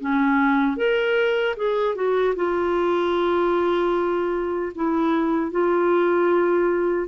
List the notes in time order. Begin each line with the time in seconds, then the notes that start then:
0.00 C#4
0.77 A#4
1.56 G#4
1.95 F#4
2.35 F4
4.75 E4
5.51 F4